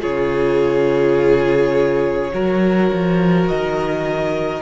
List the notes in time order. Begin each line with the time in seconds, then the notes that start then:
0.00 C#3 F4 G#4 C#5
2.32 F#3 F#4 A#4
2.92 F3
3.47 D#3 D#5